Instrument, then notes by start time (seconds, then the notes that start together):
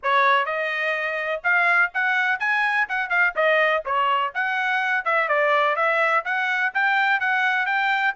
trumpet
0.02 C#5
0.45 D#5
1.43 F5
1.94 F#5
2.39 G#5
2.88 F#5
3.09 F5
3.35 D#5
3.85 C#5
4.34 F#5
5.04 E5
5.28 D5
5.76 E5
6.24 F#5
6.73 G5
7.20 F#5
7.66 G5